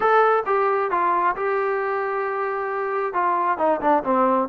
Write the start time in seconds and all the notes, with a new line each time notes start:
0.00 A4
0.46 G4
0.91 F4
1.36 G4
3.13 F4
3.58 D#4
3.80 D4
4.03 C4